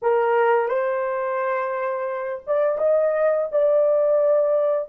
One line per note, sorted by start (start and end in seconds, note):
0.02 0.68 A#4
0.68 2.43 C5
2.46 2.78 D5
2.78 3.48 D#5
3.51 4.88 D5